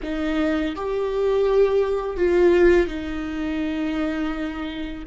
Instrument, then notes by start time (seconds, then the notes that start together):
viola
0.03 D#4
0.75 G4
2.17 F4
2.87 D#4